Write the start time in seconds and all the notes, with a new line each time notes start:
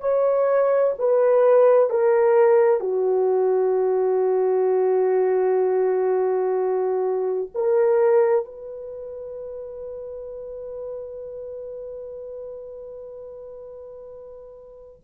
0.00 C#5
0.98 B4
1.90 A#4
2.80 F#4
7.55 A#4
8.45 B4